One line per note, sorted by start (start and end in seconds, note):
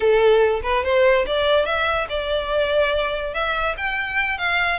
0.00 0.61 A4
0.62 0.83 B4
0.84 1.25 C5
1.26 1.65 D5
1.65 2.07 E5
2.09 3.34 D5
3.34 3.75 E5
3.77 4.38 G5
4.38 4.78 F5